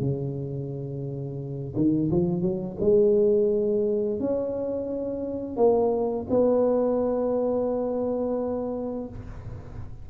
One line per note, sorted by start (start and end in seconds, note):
0.00 1.74 C#3
1.76 2.11 D#3
2.11 2.42 F3
2.42 2.77 F#3
2.80 4.20 G#3
4.20 5.57 C#4
5.57 6.27 A#3
6.29 9.09 B3